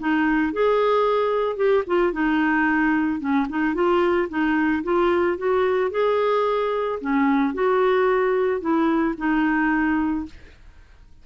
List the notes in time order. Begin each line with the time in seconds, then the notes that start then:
0.00 D#4
0.53 G#4
1.57 G4
1.87 F4
2.13 D#4
3.20 C#4
3.49 D#4
3.75 F4
4.29 D#4
4.84 F4
5.38 F#4
5.91 G#4
7.01 C#4
7.54 F#4
8.61 E4
9.18 D#4